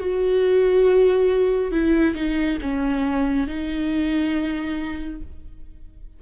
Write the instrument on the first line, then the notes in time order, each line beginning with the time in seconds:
viola
0.00 F#4
1.72 E4
2.15 D#4
2.62 C#4
3.47 D#4